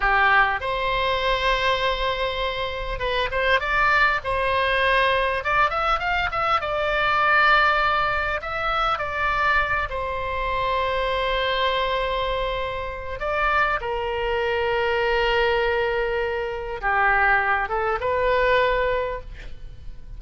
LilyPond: \new Staff \with { instrumentName = "oboe" } { \time 4/4 \tempo 4 = 100 g'4 c''2.~ | c''4 b'8 c''8 d''4 c''4~ | c''4 d''8 e''8 f''8 e''8 d''4~ | d''2 e''4 d''4~ |
d''8 c''2.~ c''8~ | c''2 d''4 ais'4~ | ais'1 | g'4. a'8 b'2 | }